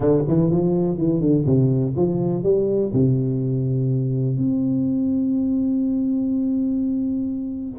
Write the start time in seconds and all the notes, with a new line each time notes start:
0.00 D3
0.28 E3
0.50 F3
0.97 E3
1.20 D3
1.46 C3
1.96 F3
2.43 G3
2.93 C3
4.37 C4